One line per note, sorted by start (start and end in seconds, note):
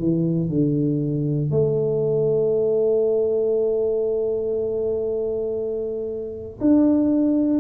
0.00 0.49 E3
0.49 1.51 D3
1.52 6.60 A3
6.61 7.60 D4